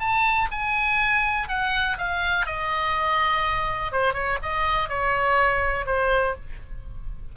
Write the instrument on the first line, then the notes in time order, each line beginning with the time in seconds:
oboe
0.00 A5
0.52 G#5
1.49 F#5
1.98 F5
2.47 D#5
3.92 C5
4.14 C#5
4.43 D#5
4.89 C#5
5.86 C5